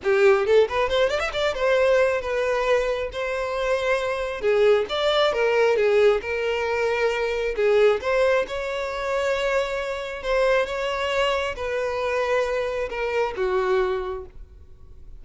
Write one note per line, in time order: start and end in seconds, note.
0.03 0.45 G4
0.45 0.68 A4
0.68 0.89 B4
0.89 1.09 C5
1.09 1.19 D5
1.19 1.31 E5
1.32 1.54 D5
1.54 2.21 C5
2.21 3.10 B4
3.12 4.41 C5
4.41 4.85 G#4
4.89 5.32 D5
5.32 5.76 A#4
5.76 6.20 G#4
6.21 7.55 A#4
7.56 8.00 G#4
8.01 8.45 C5
8.47 10.22 C#5
10.22 10.66 C5
10.66 11.55 C#5
11.56 12.89 B4
12.89 13.34 A#4
13.36 14.25 F#4